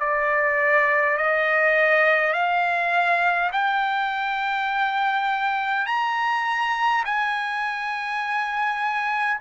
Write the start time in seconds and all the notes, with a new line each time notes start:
0.00 D5
1.17 D#5
2.33 F5
3.52 G5
5.86 A#5
7.05 G#5